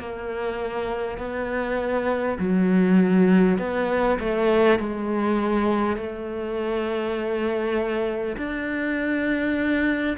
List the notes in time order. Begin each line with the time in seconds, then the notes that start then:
0.00 A#3
1.18 B3
2.38 F#3
3.58 B3
4.19 A3
4.79 G#3
5.97 A3
8.37 D4